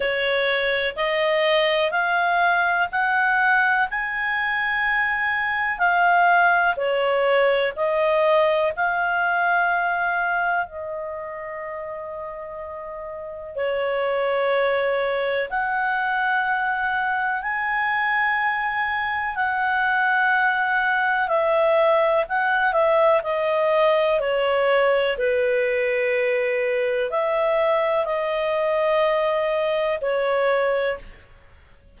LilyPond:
\new Staff \with { instrumentName = "clarinet" } { \time 4/4 \tempo 4 = 62 cis''4 dis''4 f''4 fis''4 | gis''2 f''4 cis''4 | dis''4 f''2 dis''4~ | dis''2 cis''2 |
fis''2 gis''2 | fis''2 e''4 fis''8 e''8 | dis''4 cis''4 b'2 | e''4 dis''2 cis''4 | }